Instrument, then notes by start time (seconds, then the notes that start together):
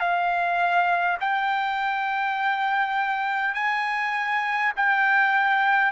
trumpet
0.00 F5
1.20 G5
3.55 G#5
4.76 G5